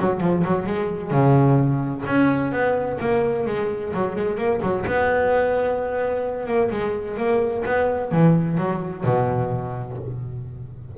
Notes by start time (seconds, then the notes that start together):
0.00 F#3
0.21 F3
0.45 F#3
0.67 G#3
1.11 C#3
2.07 C#4
2.53 B3
3.00 A#3
3.47 G#3
3.94 F#3
4.16 G#3
4.38 A#3
4.62 F#3
4.86 B3
6.48 A#3
6.71 G#3
7.18 A#3
7.66 B3
8.12 E3
8.58 F#3
9.04 B2